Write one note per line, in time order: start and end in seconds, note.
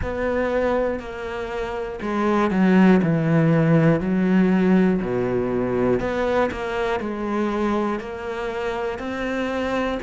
0.02 1.00 B3
1.00 2.00 A#3
2.01 2.50 G#3
2.50 3.00 F#3
3.03 4.00 E3
4.00 5.00 F#3
5.01 6.00 B2
6.00 6.50 B3
6.50 7.00 A#3
7.00 8.00 G#3
8.00 8.98 A#3
8.98 9.98 C4